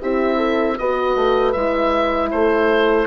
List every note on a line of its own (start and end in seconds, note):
0.00 0.78 C4
0.00 0.78 E4
0.00 0.37 G4
0.00 0.78 E5
0.37 0.75 A4
0.78 1.15 B3
0.78 1.56 F#4
0.78 2.32 B4
0.78 1.52 D#5
1.15 1.54 A3
1.52 2.31 G#3
1.52 3.06 E4
1.52 2.29 E5
2.31 3.06 A3
2.31 3.06 A4
2.31 3.06 C5